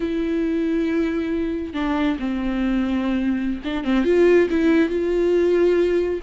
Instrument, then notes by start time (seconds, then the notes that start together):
viola
0.00 E4
1.73 D4
2.19 C4
3.64 D4
3.84 C4
4.04 F4
4.50 E4
4.89 F4